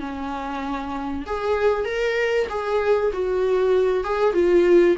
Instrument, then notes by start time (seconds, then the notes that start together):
viola
0.00 C#4
1.26 G#4
1.85 A#4
2.49 G#4
3.13 F#4
4.04 G#4
4.34 F4